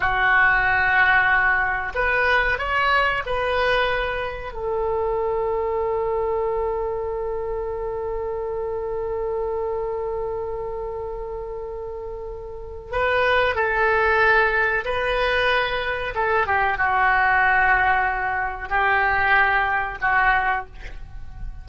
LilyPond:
\new Staff \with { instrumentName = "oboe" } { \time 4/4 \tempo 4 = 93 fis'2. b'4 | cis''4 b'2 a'4~ | a'1~ | a'1~ |
a'1 | b'4 a'2 b'4~ | b'4 a'8 g'8 fis'2~ | fis'4 g'2 fis'4 | }